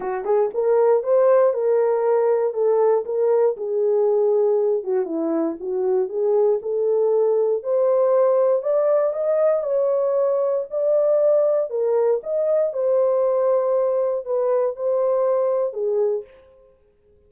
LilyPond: \new Staff \with { instrumentName = "horn" } { \time 4/4 \tempo 4 = 118 fis'8 gis'8 ais'4 c''4 ais'4~ | ais'4 a'4 ais'4 gis'4~ | gis'4. fis'8 e'4 fis'4 | gis'4 a'2 c''4~ |
c''4 d''4 dis''4 cis''4~ | cis''4 d''2 ais'4 | dis''4 c''2. | b'4 c''2 gis'4 | }